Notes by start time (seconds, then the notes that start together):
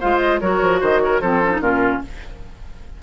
0.00 G#3 F4 C5 F5
0.19 D#5
0.40 F#3 F#4 A#4 C#5
0.62 F3
0.81 D#3 C5 D#5
1.00 A#4 C#5
1.21 F3 C4 A4 C5
1.43 C#4
1.52 D#4
1.60 A#2 C#4 F4 A#4